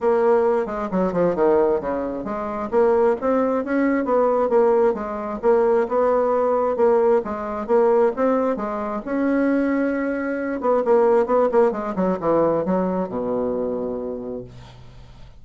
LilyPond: \new Staff \with { instrumentName = "bassoon" } { \time 4/4 \tempo 4 = 133 ais4. gis8 fis8 f8 dis4 | cis4 gis4 ais4 c'4 | cis'4 b4 ais4 gis4 | ais4 b2 ais4 |
gis4 ais4 c'4 gis4 | cis'2.~ cis'8 b8 | ais4 b8 ais8 gis8 fis8 e4 | fis4 b,2. | }